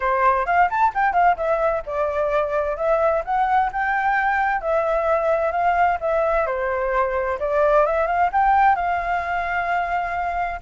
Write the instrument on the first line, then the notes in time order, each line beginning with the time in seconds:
flute
0.00 C5
0.46 F5
0.69 A5
0.94 G5
1.13 F5
1.36 E5
1.86 D5
2.77 E5
3.24 F#5
3.72 G5
4.61 E5
5.51 F5
6.00 E5
6.46 C5
7.39 D5
7.86 E5
8.06 F5
8.32 G5
8.75 F5